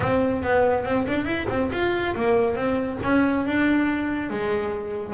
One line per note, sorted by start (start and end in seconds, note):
0.00 0.42 C4
0.42 0.84 B3
0.84 1.06 C4
1.07 1.25 D4
1.25 1.46 E4
1.49 1.70 C4
1.72 2.15 F4
2.15 2.55 A#3
2.55 2.98 C4
3.02 3.45 C#4
3.45 4.30 D4
4.30 5.13 G#3